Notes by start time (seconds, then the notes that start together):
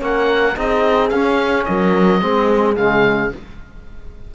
0.00 A#3 C#4 A#4 F#5
0.56 C4 D#4 G#4 D#5
1.09 C#4 F5
1.65 F#3 A#4 D#5
2.21 G#3 C4 G#4
2.76 C#3 G#3 F5